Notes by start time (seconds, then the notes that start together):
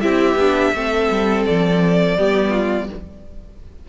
0.00 C4 E4 G4 E5
0.35 B3 D4
0.73 A3 C4 A4
1.10 G3
1.45 F3 D5
2.17 G3 B3 G4
2.50 F4